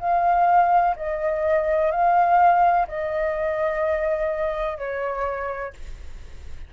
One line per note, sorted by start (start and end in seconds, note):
0.00 0.95 F5
0.96 1.91 D#5
1.91 2.87 F5
2.88 4.78 D#5
4.78 5.74 C#5